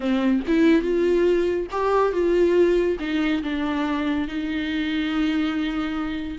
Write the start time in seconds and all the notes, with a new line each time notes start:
0.00 C4
0.47 E4
0.81 F4
1.71 G4
2.12 F4
2.99 D#4
3.42 D4
4.27 D#4